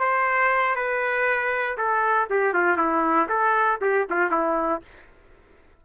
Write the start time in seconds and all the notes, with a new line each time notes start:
0.00 C5
0.76 B4
1.78 A4
2.30 G4
2.54 F4
2.78 E4
3.29 A4
3.82 G4
4.10 F4
4.31 E4